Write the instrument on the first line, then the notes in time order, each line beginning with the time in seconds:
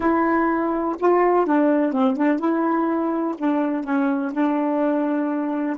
saxophone
0.00 E4
0.99 F4
1.46 D4
1.92 C4
2.16 D4
2.39 E4
3.38 D4
3.84 C#4
4.32 D4